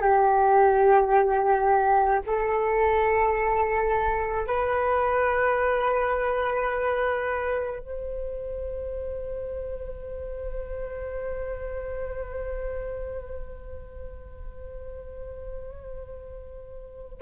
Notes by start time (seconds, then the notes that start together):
0.00 G4
2.26 A4
4.46 B4
7.80 C5